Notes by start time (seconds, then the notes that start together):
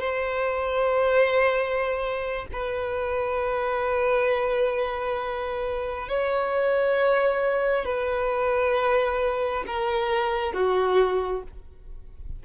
0.00 C5
2.52 B4
6.09 C#5
7.85 B4
9.67 A#4
10.53 F#4